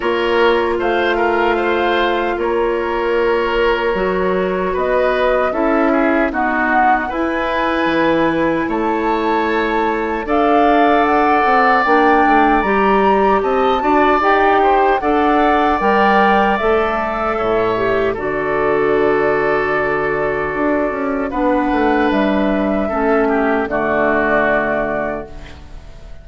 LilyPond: <<
  \new Staff \with { instrumentName = "flute" } { \time 4/4 \tempo 4 = 76 cis''4 f''2 cis''4~ | cis''2 dis''4 e''4 | fis''4 gis''2 a''4~ | a''4 f''4 fis''4 g''4 |
ais''4 a''4 g''4 fis''4 | g''4 e''2 d''4~ | d''2. fis''4 | e''2 d''2 | }
  \new Staff \with { instrumentName = "oboe" } { \time 4/4 ais'4 c''8 ais'8 c''4 ais'4~ | ais'2 b'4 a'8 gis'8 | fis'4 b'2 cis''4~ | cis''4 d''2.~ |
d''4 dis''8 d''4 c''8 d''4~ | d''2 cis''4 a'4~ | a'2. b'4~ | b'4 a'8 g'8 fis'2 | }
  \new Staff \with { instrumentName = "clarinet" } { \time 4/4 f'1~ | f'4 fis'2 e'4 | b4 e'2.~ | e'4 a'2 d'4 |
g'4. fis'8 g'4 a'4 | ais'4 a'4. g'8 fis'4~ | fis'2. d'4~ | d'4 cis'4 a2 | }
  \new Staff \with { instrumentName = "bassoon" } { \time 4/4 ais4 a2 ais4~ | ais4 fis4 b4 cis'4 | dis'4 e'4 e4 a4~ | a4 d'4. c'8 ais8 a8 |
g4 c'8 d'8 dis'4 d'4 | g4 a4 a,4 d4~ | d2 d'8 cis'8 b8 a8 | g4 a4 d2 | }
>>